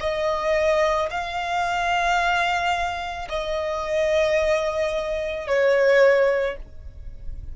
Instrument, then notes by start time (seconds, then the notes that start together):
violin
0.00 D#5
1.10 F5
3.29 D#5
5.47 C#5